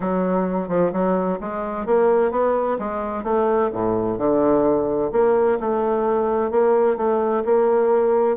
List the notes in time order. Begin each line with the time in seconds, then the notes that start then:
0.00 F#3
0.68 F3
0.92 F#3
1.40 G#3
1.85 A#3
2.31 B3
2.79 G#3
3.23 A3
3.73 A2
4.18 D3
5.11 A#3
5.60 A3
6.50 A#3
6.96 A3
7.45 A#3